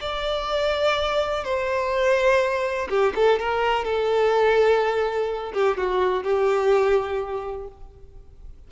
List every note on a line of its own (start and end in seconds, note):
0.00 1.44 D5
1.44 2.88 C5
2.89 3.13 G4
3.15 3.39 A4
3.39 3.84 A#4
3.84 5.52 A4
5.53 5.77 G4
5.77 6.23 F#4
6.23 7.67 G4